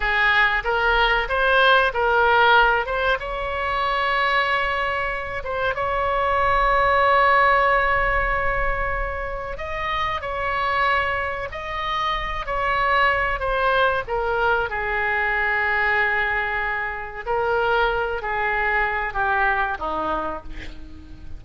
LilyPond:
\new Staff \with { instrumentName = "oboe" } { \time 4/4 \tempo 4 = 94 gis'4 ais'4 c''4 ais'4~ | ais'8 c''8 cis''2.~ | cis''8 c''8 cis''2.~ | cis''2. dis''4 |
cis''2 dis''4. cis''8~ | cis''4 c''4 ais'4 gis'4~ | gis'2. ais'4~ | ais'8 gis'4. g'4 dis'4 | }